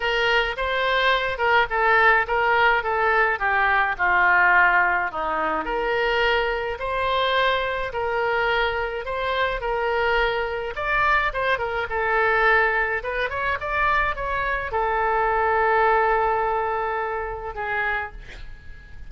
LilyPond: \new Staff \with { instrumentName = "oboe" } { \time 4/4 \tempo 4 = 106 ais'4 c''4. ais'8 a'4 | ais'4 a'4 g'4 f'4~ | f'4 dis'4 ais'2 | c''2 ais'2 |
c''4 ais'2 d''4 | c''8 ais'8 a'2 b'8 cis''8 | d''4 cis''4 a'2~ | a'2. gis'4 | }